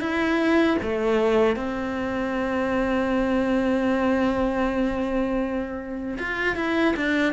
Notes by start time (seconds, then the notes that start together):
0.00 E4
0.82 A3
1.56 C4
6.18 F4
6.56 E4
6.96 D4